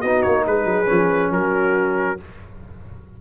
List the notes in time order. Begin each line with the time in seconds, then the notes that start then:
0.00 B3 D#4 F#4 D#5
0.22 A#3 C#5
0.47 G#3 G#4 B4
0.65 F#3
0.86 F3 C#4
1.30 F#3 F#4 A#4